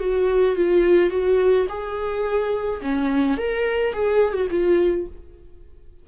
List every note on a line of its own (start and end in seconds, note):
0.00 0.56 F#4
0.56 1.11 F4
1.11 1.67 F#4
1.69 2.81 G#4
2.81 3.37 C#4
3.37 3.93 A#4
3.93 4.33 G#4
4.33 4.47 F#4
4.51 5.07 F4